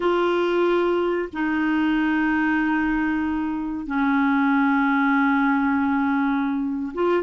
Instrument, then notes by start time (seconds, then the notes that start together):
clarinet
0.00 F4
1.33 D#4
3.86 C#4
6.94 F4